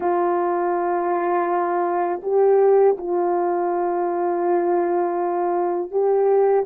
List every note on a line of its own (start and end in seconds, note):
0.00 2.21 F4
2.22 2.96 G4
2.97 5.91 F4
5.91 6.65 G4